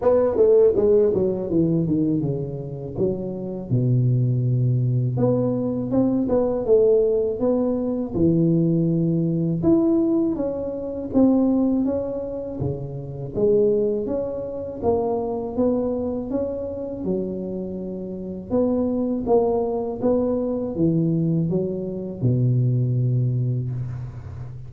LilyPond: \new Staff \with { instrumentName = "tuba" } { \time 4/4 \tempo 4 = 81 b8 a8 gis8 fis8 e8 dis8 cis4 | fis4 b,2 b4 | c'8 b8 a4 b4 e4~ | e4 e'4 cis'4 c'4 |
cis'4 cis4 gis4 cis'4 | ais4 b4 cis'4 fis4~ | fis4 b4 ais4 b4 | e4 fis4 b,2 | }